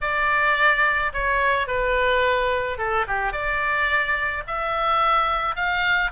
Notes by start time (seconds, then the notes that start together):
0.01 D5
1.13 C#5
1.67 B4
2.78 A4
3.07 G4
3.32 D5
4.47 E5
5.55 F5